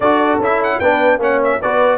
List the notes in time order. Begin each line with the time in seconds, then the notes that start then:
0.00 D4 F#4 A4 D5
0.38 C#4 E4 E5
0.63 F#5
0.79 B3 D4 B4 G5
1.18 A#3 C#4 C#5 F#5
1.44 E5
1.61 B3 F#4 B4 D5